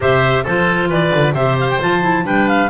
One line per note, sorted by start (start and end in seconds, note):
0.00 0.46 C3
0.00 0.45 G4
0.00 0.43 C5
0.00 0.46 E5
0.43 0.89 F3
0.43 1.35 F4
0.43 0.88 A4
0.43 0.91 C5
0.89 1.11 E3
0.89 1.34 B4
0.89 1.34 D5
1.14 1.32 D3
1.32 1.77 C3
1.32 1.80 G4
1.32 2.24 C5
1.32 1.57 E5
1.59 1.69 F5
1.69 1.80 G5
1.80 2.24 F3
1.80 2.01 F4
1.80 2.26 A5
2.01 2.24 E4
2.24 2.69 G3
2.24 2.69 D4
2.24 2.70 B4
2.24 2.47 G5
2.47 2.70 F5